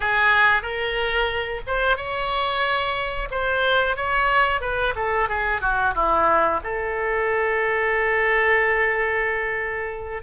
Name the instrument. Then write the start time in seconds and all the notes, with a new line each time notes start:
oboe
0.00 G#4
0.62 A#4
1.66 C5
1.96 C#5
3.30 C5
3.96 C#5
4.61 B4
4.95 A4
5.29 G#4
5.61 F#4
5.94 E4
6.63 A4